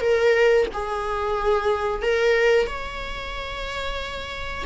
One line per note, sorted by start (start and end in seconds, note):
0.00 0.66 A#4
0.73 2.02 G#4
2.02 2.66 A#4
2.66 4.64 C#5